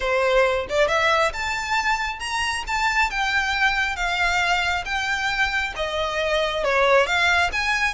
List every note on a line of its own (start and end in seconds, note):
0.00 0.66 C5
0.69 0.88 D5
0.88 1.32 E5
1.33 2.19 A5
2.19 2.64 A#5
2.67 3.10 A5
3.10 3.96 G5
3.96 4.84 F5
4.85 5.73 G5
5.76 6.64 D#5
6.64 7.06 C#5
7.06 7.50 F5
7.52 7.94 G#5